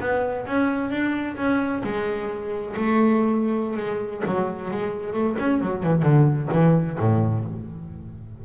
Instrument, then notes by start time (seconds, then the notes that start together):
double bass
0.00 B3
0.46 C#4
0.90 D4
1.36 C#4
1.84 G#3
2.76 A3
3.77 G#3
4.26 F#3
4.71 G#3
5.13 A3
5.39 C#4
5.61 F#3
5.83 E3
6.02 D3
6.52 E3
6.99 A2